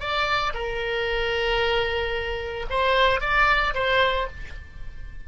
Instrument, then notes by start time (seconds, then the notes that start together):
oboe
0.00 D5
0.54 A#4
2.70 C5
3.21 D5
3.75 C5